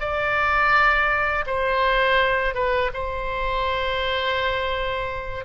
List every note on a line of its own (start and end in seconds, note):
0.00 1.45 D5
1.47 2.54 C5
2.54 2.90 B4
2.93 5.44 C5